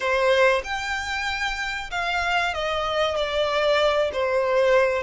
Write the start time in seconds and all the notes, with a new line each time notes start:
0.00 C5
0.63 G5
1.91 F5
2.53 D#5
3.16 D5
4.13 C5